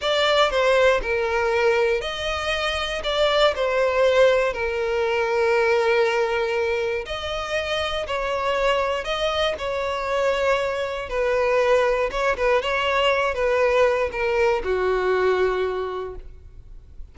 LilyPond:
\new Staff \with { instrumentName = "violin" } { \time 4/4 \tempo 4 = 119 d''4 c''4 ais'2 | dis''2 d''4 c''4~ | c''4 ais'2.~ | ais'2 dis''2 |
cis''2 dis''4 cis''4~ | cis''2 b'2 | cis''8 b'8 cis''4. b'4. | ais'4 fis'2. | }